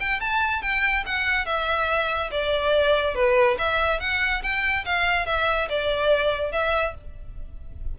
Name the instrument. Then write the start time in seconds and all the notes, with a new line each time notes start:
violin
0.00 G5
0.20 A5
0.62 G5
1.06 F#5
1.46 E5
2.31 D5
3.15 B4
3.58 E5
4.00 F#5
4.43 G5
4.85 F5
5.26 E5
5.69 D5
6.52 E5